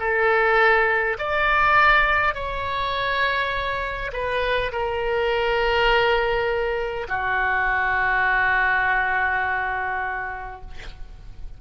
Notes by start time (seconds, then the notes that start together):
0.00 A4
1.19 D5
2.35 C#5
4.13 B4
4.72 A#4
7.09 F#4